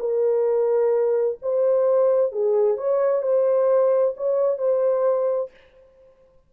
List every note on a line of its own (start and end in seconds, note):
0.00 1.38 A#4
1.42 2.33 C5
2.33 2.78 G#4
2.78 3.23 C#5
3.23 4.15 C5
4.17 4.59 C#5
4.59 5.51 C5